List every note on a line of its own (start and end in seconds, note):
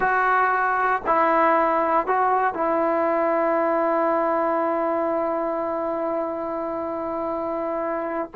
0.00 1.02 F#4
1.06 2.06 E4
2.06 2.53 F#4
2.53 8.30 E4